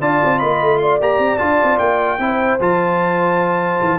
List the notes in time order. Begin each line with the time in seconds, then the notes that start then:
0.00 D4 F4 D5 A5
0.24 C4
0.39 A#3 D#5 B5
0.62 A3
0.79 D5 C6
1.01 A#3 G4 A#5
1.18 C4
1.38 D4 F4 A5
1.63 C4
1.79 A#3 G5
2.19 C4 E4 C5
2.60 F3 F4 A5
3.82 E3